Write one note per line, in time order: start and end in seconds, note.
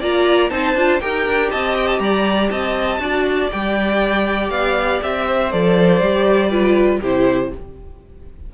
0.00 0.50 A#3
0.00 0.50 F4
0.00 0.50 D5
0.00 0.50 A#5
0.50 0.74 C4
0.50 0.75 D#4
0.50 1.02 C5
0.50 1.00 A5
0.74 0.99 D4
0.74 1.01 F4
1.00 1.26 D#4
1.00 3.00 G4
1.00 1.51 A#4
1.00 1.50 G5
1.26 1.51 D4
1.50 1.99 C4
1.50 2.01 D#5
1.50 1.75 A5
1.76 1.87 G5
1.87 1.99 A5
1.99 2.49 G3
1.99 2.51 D5
1.99 2.49 A#5
2.50 2.99 C4
2.50 3.01 D#5
2.50 3.50 A5
2.99 3.49 D4
2.99 3.50 F#4
2.99 5.27 D5
3.51 4.50 G3
3.51 5.51 G4
3.51 4.50 G5
4.50 5.00 B3
4.50 5.00 F5
5.02 5.53 C4
5.02 5.52 E5
5.27 6.50 C5
5.52 6.00 F3
5.52 6.02 A4
5.52 7.02 D5
6.00 7.00 G3
6.00 6.50 G4
6.50 7.00 F4
6.50 7.00 B4
7.00 7.52 C3
7.00 7.54 E4
7.00 7.50 G4
7.00 7.54 C5